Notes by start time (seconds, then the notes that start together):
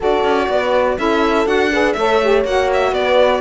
0.00 D4 F#4 A4 D5
0.23 C#4
0.49 B3 B4
0.97 C#4 E4 A4 E5
1.46 D4 F#4 F#5
1.71 G#4 B4
1.92 A3 A4 C#5 E5
2.22 G4
2.44 A#3 F#4 F#5
2.73 E5
2.91 B3 B4 D5